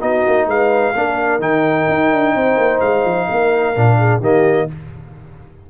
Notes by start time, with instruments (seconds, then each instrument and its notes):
0.00 tuba B3, trombone D#4, horn F#4, trumpet D#5
0.27 tuba A#3
0.47 tuba G#3, horn B4, trumpet F5
0.95 tuba A#3, trombone D4, horn A#4
1.39 tuba D#3, trombone D#4, trumpet G5
1.89 tuba D#4
2.12 tuba D4
2.35 tuba C4, horn C5
2.57 tuba A#3
2.80 tuba G#3, trumpet F5
3.04 tuba F3
3.29 tuba A#3, horn A#4
3.75 tuba A#2, trombone D4
3.98 horn G#4
4.20 tuba D#3, trombone A#3, horn G4, trumpet D#5